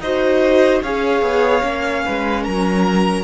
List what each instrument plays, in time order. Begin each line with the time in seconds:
0.00 cello D#4, viola F#4, violin C5 D#5
0.83 cello C#4, viola G#4, violin C#5 F5
1.22 cello B3
1.62 cello A#3, viola C#4
2.06 cello G#3, violin B4
2.44 cello F#3, violin A#4 A#5